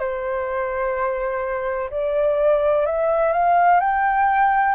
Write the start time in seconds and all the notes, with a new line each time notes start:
0.00 C5
1.91 D5
2.86 E5
3.33 F5
3.81 G5